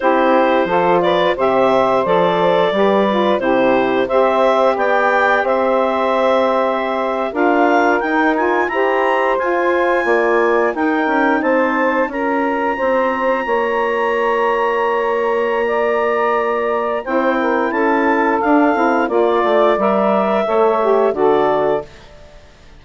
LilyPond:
<<
  \new Staff \with { instrumentName = "clarinet" } { \time 4/4 \tempo 4 = 88 c''4. d''8 e''4 d''4~ | d''4 c''4 e''4 g''4 | e''2~ e''8. f''4 g''16~ | g''16 gis''8 ais''4 gis''2 g''16~ |
g''8. a''4 ais''2~ ais''16~ | ais''1~ | ais''4 g''4 a''4 f''4 | d''4 e''2 d''4 | }
  \new Staff \with { instrumentName = "saxophone" } { \time 4/4 g'4 a'8 b'8 c''2 | b'4 g'4 c''4 d''4 | c''2~ c''8. ais'4~ ais'16~ | ais'8. c''2 d''4 ais'16~ |
ais'8. c''4 ais'4 c''4 cis''16~ | cis''2. d''4~ | d''4 c''8 ais'8 a'2 | d''2 cis''4 a'4 | }
  \new Staff \with { instrumentName = "saxophone" } { \time 4/4 e'4 f'4 g'4 a'4 | g'8 f'8 e'4 g'2~ | g'2~ g'8. f'4 dis'16~ | dis'16 f'8 g'4 f'2 dis'16~ |
dis'4.~ dis'16 f'2~ f'16~ | f'1~ | f'4 e'2 d'8 e'8 | f'4 ais'4 a'8 g'8 fis'4 | }
  \new Staff \with { instrumentName = "bassoon" } { \time 4/4 c'4 f4 c4 f4 | g4 c4 c'4 b4 | c'2~ c'8. d'4 dis'16~ | dis'8. e'4 f'4 ais4 dis'16~ |
dis'16 cis'8 c'4 cis'4 c'4 ais16~ | ais1~ | ais4 c'4 cis'4 d'8 c'8 | ais8 a8 g4 a4 d4 | }
>>